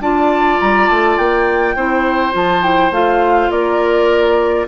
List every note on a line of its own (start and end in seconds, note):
0.00 0.58 D4
0.00 1.76 F4
0.00 1.76 D5
0.00 0.59 A5
0.60 0.89 G3
0.60 0.88 A#5
0.88 1.18 A3
0.88 1.17 A5
1.17 1.75 A#3
1.17 2.33 G5
1.75 2.34 C4
1.75 2.31 E4
1.75 3.51 C5
2.31 2.91 F3
2.31 2.61 F4
2.31 2.63 A5
2.62 2.91 E4
2.62 2.92 G5
2.91 3.49 A3
2.91 4.67 F4
2.91 3.51 F5
3.51 4.67 A#3
3.51 4.67 A#4
3.51 4.67 D5